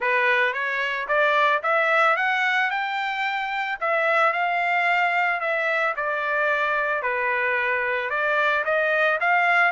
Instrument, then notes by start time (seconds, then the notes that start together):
trumpet
0.00 B4
0.53 C#5
1.07 D5
1.62 E5
2.16 F#5
2.70 G5
3.80 E5
4.32 F5
5.40 E5
5.96 D5
7.02 B4
8.10 D5
8.64 D#5
9.20 F5